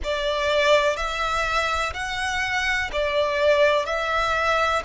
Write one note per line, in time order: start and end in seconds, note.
0.03 0.96 D5
0.96 1.93 E5
1.94 2.90 F#5
2.92 3.85 D5
3.85 4.82 E5